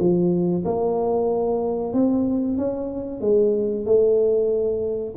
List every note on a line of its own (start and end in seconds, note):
0.00 0.65 F3
0.65 1.94 A#3
1.94 2.58 C4
2.58 3.21 C#4
3.21 3.86 G#3
3.86 5.15 A3